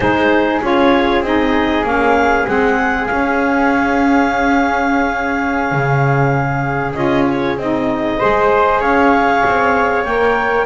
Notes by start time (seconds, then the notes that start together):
0.00 G#3 D#4 G#4 C5
0.61 C#4 F4 C#5
1.20 C4 D#4 D#5
1.83 A#3 C#4 F5
2.46 G#3 C4 F#5
3.06 C#4 F5
5.71 C#3
6.93 C#4 F4 D#5
7.27 C#5
7.56 C4 D#4 D#5
8.18 G#3 G#4 C5
8.80 C#4 C#5 F5
9.45 C4
10.04 A#3 A#4 G5